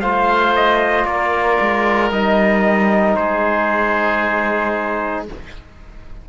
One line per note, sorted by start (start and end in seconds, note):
0.00 1.05 A3
0.00 2.12 F4
0.00 1.06 C5
0.00 0.53 F5
0.55 1.05 D#5
1.05 1.57 A#3
1.05 3.18 A#4
1.05 2.11 D5
1.60 2.11 G#3
2.11 3.16 G3
2.11 5.27 D#4
2.11 3.16 D#5
3.16 5.28 G#3
3.16 5.29 G#4
3.16 5.26 C5